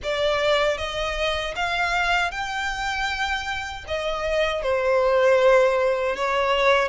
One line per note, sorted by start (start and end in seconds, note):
0.03 0.77 D5
0.77 1.54 D#5
1.55 2.31 F5
2.31 3.85 G5
3.87 4.62 D#5
4.62 6.15 C5
6.15 6.88 C#5